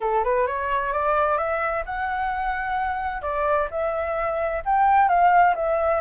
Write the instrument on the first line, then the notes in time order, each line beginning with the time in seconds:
flute
0.01 A4
0.24 B4
0.46 C#5
0.92 D5
1.37 E5
1.85 F#5
3.22 D5
3.70 E5
4.65 G5
5.08 F5
5.55 E5